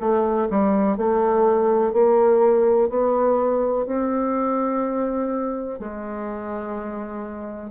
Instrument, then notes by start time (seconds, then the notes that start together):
bassoon
0.00 A3
0.50 G3
0.98 A3
1.93 A#3
2.89 B3
3.86 C4
5.79 G#3